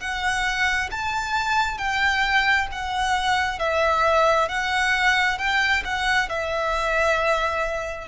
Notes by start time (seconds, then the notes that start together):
0.00 F#5
0.91 A5
1.77 G5
2.72 F#5
3.59 E5
4.48 F#5
5.38 G5
5.84 F#5
6.28 E5